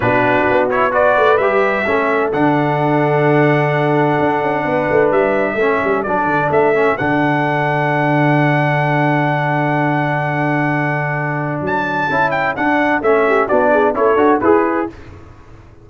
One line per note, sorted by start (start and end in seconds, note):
0.00 0.44 B2
0.00 0.70 D4
0.00 0.92 F#4
0.00 0.68 B4
0.49 1.17 B3
0.69 0.91 E4
0.69 0.93 C#5
0.91 1.37 F#4
0.91 1.85 B4
0.91 1.37 D5
1.17 1.38 A3
1.37 1.85 G3
1.37 1.86 G4
1.37 2.30 E5
1.86 2.32 A3
1.86 2.32 C#4
1.86 4.66 A4
2.32 4.18 D3
2.32 5.59 D4
2.32 5.11 F#5
4.19 4.42 D4
4.42 4.64 C#4
4.64 4.88 B3
4.64 5.56 B4
4.91 5.11 A3
5.11 5.54 G3
5.11 6.03 E5
5.54 5.78 A3
5.54 6.06 C#4
5.54 13.23 A4
5.84 6.05 G3
6.03 6.26 F#3
6.03 6.74 D4
6.03 6.49 D5
6.26 6.49 D3
6.50 6.96 A3
6.50 6.97 E5
6.74 6.97 C#4
6.97 11.60 D3
6.97 12.10 D4
6.97 11.62 F#5
11.60 12.07 F#3
11.60 12.31 A5
12.09 12.56 C#4
12.09 12.56 E4
12.31 12.54 G5
12.56 13.02 D4
12.56 13.01 D4
12.56 13.02 F#5
13.01 13.47 A3
13.01 13.49 C#4
13.01 13.48 E5
13.27 13.47 G4
13.47 13.94 B3
13.47 13.94 D4
13.47 13.71 F#4
13.47 13.94 D5
13.71 13.94 G#4
13.94 14.15 C#4
13.94 14.17 E4
13.94 14.43 A4
13.94 14.40 C#5
14.15 14.38 D4
14.15 14.40 F#4
14.40 14.88 E4
14.40 14.89 G#4
14.40 14.87 B4